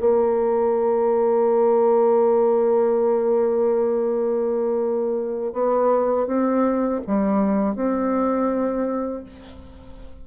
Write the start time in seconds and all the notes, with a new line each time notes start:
0.00 A#3
5.53 B3
6.26 C4
7.06 G3
7.75 C4